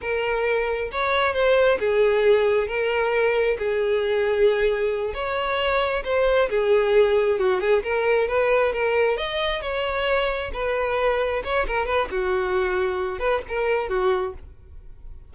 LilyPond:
\new Staff \with { instrumentName = "violin" } { \time 4/4 \tempo 4 = 134 ais'2 cis''4 c''4 | gis'2 ais'2 | gis'2.~ gis'8 cis''8~ | cis''4. c''4 gis'4.~ |
gis'8 fis'8 gis'8 ais'4 b'4 ais'8~ | ais'8 dis''4 cis''2 b'8~ | b'4. cis''8 ais'8 b'8 fis'4~ | fis'4. b'8 ais'4 fis'4 | }